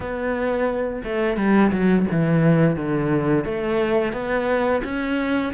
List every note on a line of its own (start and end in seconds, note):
0.00 1.02 B3
1.03 1.36 A3
1.36 1.71 G3
1.71 2.06 F#3
2.11 2.76 E3
2.76 3.45 D3
3.45 4.12 A3
4.12 4.81 B3
4.83 5.52 C#4